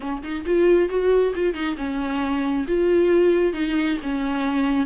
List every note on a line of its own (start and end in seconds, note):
0.00 0.22 C#4
0.22 0.44 D#4
0.45 0.89 F4
0.89 1.33 F#4
1.35 1.53 F4
1.53 1.76 D#4
1.77 2.66 C#4
2.67 3.53 F4
3.53 3.97 D#4
4.02 4.86 C#4